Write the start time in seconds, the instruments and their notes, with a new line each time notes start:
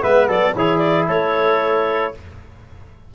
0.00 tuba G#3, trombone B3, trumpet B4, clarinet E5
0.28 tuba F#3, trumpet A4, clarinet D5
0.55 tuba E3, trombone E4, trumpet G#4, clarinet C#5
0.78 clarinet D5
1.08 tuba A3, trumpet A4, clarinet C#5